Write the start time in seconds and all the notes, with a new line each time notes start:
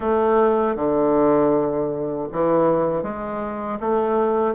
0.00 A3
0.75 D3
2.32 E3
3.02 G#3
3.80 A3